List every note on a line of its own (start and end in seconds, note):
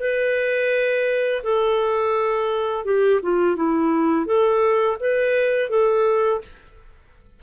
0.00 1.43 B4
1.44 2.85 A4
2.85 3.21 G4
3.23 3.56 F4
3.56 4.26 E4
4.26 4.98 A4
5.01 5.70 B4
5.70 6.42 A4